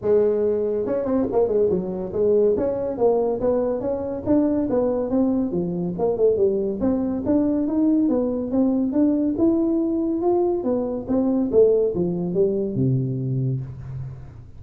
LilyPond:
\new Staff \with { instrumentName = "tuba" } { \time 4/4 \tempo 4 = 141 gis2 cis'8 c'8 ais8 gis8 | fis4 gis4 cis'4 ais4 | b4 cis'4 d'4 b4 | c'4 f4 ais8 a8 g4 |
c'4 d'4 dis'4 b4 | c'4 d'4 e'2 | f'4 b4 c'4 a4 | f4 g4 c2 | }